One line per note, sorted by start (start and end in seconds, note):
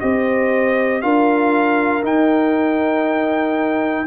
0.00 1.03 C4
0.00 1.02 G4
0.00 1.03 C5
0.00 1.01 D#5
1.01 2.03 D4
1.01 2.03 F4
1.01 4.07 A#4
1.01 2.03 F5
2.03 4.06 D#4
2.03 4.07 G5